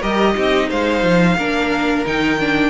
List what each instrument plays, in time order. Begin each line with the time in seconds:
0.00 cello G3, viola G4, violin A#4 D#5
0.35 cello C4, viola D#4, violin G4
0.69 cello G#3, violin C5 F5
1.03 cello F3
1.37 cello A#3, viola D4, violin A#4
2.06 cello D#3, viola D#4, violin G5
2.39 viola D4